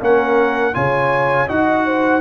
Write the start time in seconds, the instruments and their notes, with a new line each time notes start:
0.00 tuba A#3, trombone C#4, horn A#4, trumpet F#5
0.74 tuba C#3, trombone F4, horn C#5, trumpet G#5
1.48 tuba D#4, trombone F#4, horn D#5, trumpet F#5
1.85 horn C5